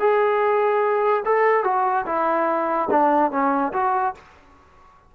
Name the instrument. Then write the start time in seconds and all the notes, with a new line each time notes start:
trombone
0.00 G#4
1.26 A4
1.64 F#4
2.07 E4
2.91 D4
3.32 C#4
3.74 F#4